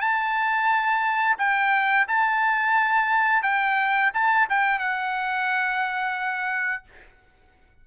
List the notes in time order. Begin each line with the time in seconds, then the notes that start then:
0.00 A5
1.38 G5
2.07 A5
3.42 G5
4.14 A5
4.49 G5
4.79 F#5